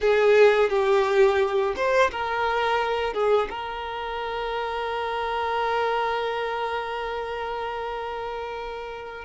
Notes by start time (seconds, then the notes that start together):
0.01 G#4
0.69 G4
1.75 C5
2.11 A#4
3.13 G#4
3.49 A#4